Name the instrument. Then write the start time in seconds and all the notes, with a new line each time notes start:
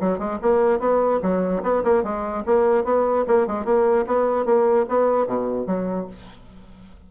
bassoon
0.00 F#3
0.18 G#3
0.41 A#3
0.79 B3
1.22 F#3
1.63 B3
1.83 A#3
2.03 G#3
2.45 A#3
2.84 B3
3.27 A#3
3.47 G#3
3.64 A#3
4.06 B3
4.45 A#3
4.88 B3
5.26 B2
5.66 F#3